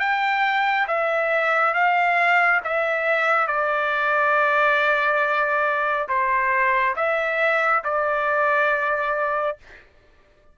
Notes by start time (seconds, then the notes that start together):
0.00 G5
0.88 E5
1.74 F5
2.64 E5
3.47 D5
6.09 C5
6.96 E5
7.84 D5